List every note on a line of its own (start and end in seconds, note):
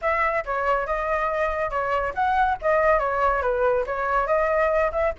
0.01 0.44 E5
0.45 0.86 C#5
0.86 1.70 D#5
1.70 2.13 C#5
2.14 2.57 F#5
2.61 2.99 D#5
2.99 3.42 C#5
3.42 3.85 B4
3.86 4.26 C#5
4.26 4.91 D#5
4.91 5.13 E5